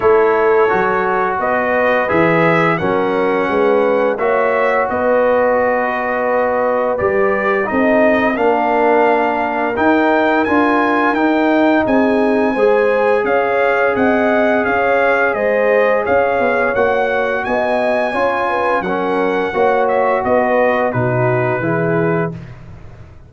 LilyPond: <<
  \new Staff \with { instrumentName = "trumpet" } { \time 4/4 \tempo 4 = 86 cis''2 dis''4 e''4 | fis''2 e''4 dis''4~ | dis''2 d''4 dis''4 | f''2 g''4 gis''4 |
g''4 gis''2 f''4 | fis''4 f''4 dis''4 f''4 | fis''4 gis''2 fis''4~ | fis''8 e''8 dis''4 b'2 | }
  \new Staff \with { instrumentName = "horn" } { \time 4/4 a'2 b'2 | ais'4 b'4 cis''4 b'4~ | b'2. a'4 | ais'1~ |
ais'4 gis'4 c''4 cis''4 | dis''4 cis''4 c''4 cis''4~ | cis''4 dis''4 cis''8 b'8 ais'4 | cis''4 b'4 fis'4 gis'4 | }
  \new Staff \with { instrumentName = "trombone" } { \time 4/4 e'4 fis'2 gis'4 | cis'2 fis'2~ | fis'2 g'4 dis'4 | d'2 dis'4 f'4 |
dis'2 gis'2~ | gis'1 | fis'2 f'4 cis'4 | fis'2 dis'4 e'4 | }
  \new Staff \with { instrumentName = "tuba" } { \time 4/4 a4 fis4 b4 e4 | fis4 gis4 ais4 b4~ | b2 g4 c'4 | ais2 dis'4 d'4 |
dis'4 c'4 gis4 cis'4 | c'4 cis'4 gis4 cis'8 b8 | ais4 b4 cis'4 fis4 | ais4 b4 b,4 e4 | }
>>